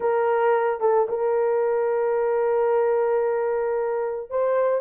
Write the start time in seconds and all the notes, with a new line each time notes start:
0.00 A#4
0.80 A4
1.09 A#4
4.30 C5